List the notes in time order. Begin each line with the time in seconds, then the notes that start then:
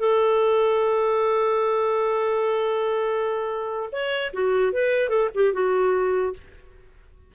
0.00 A4
3.92 C#5
4.34 F#4
4.73 B4
5.10 A4
5.35 G4
5.54 F#4